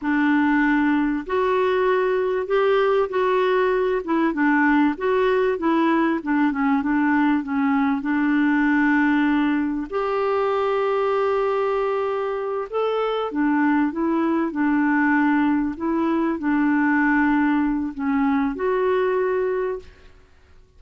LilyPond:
\new Staff \with { instrumentName = "clarinet" } { \time 4/4 \tempo 4 = 97 d'2 fis'2 | g'4 fis'4. e'8 d'4 | fis'4 e'4 d'8 cis'8 d'4 | cis'4 d'2. |
g'1~ | g'8 a'4 d'4 e'4 d'8~ | d'4. e'4 d'4.~ | d'4 cis'4 fis'2 | }